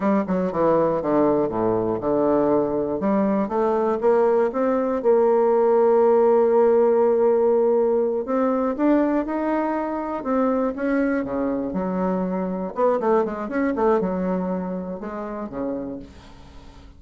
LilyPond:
\new Staff \with { instrumentName = "bassoon" } { \time 4/4 \tempo 4 = 120 g8 fis8 e4 d4 a,4 | d2 g4 a4 | ais4 c'4 ais2~ | ais1~ |
ais8 c'4 d'4 dis'4.~ | dis'8 c'4 cis'4 cis4 fis8~ | fis4. b8 a8 gis8 cis'8 a8 | fis2 gis4 cis4 | }